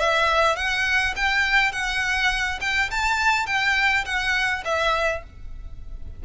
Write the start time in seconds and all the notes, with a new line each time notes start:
0.00 E5
0.56 F#5
1.16 G5
1.73 F#5
2.61 G5
2.91 A5
3.47 G5
4.06 F#5
4.65 E5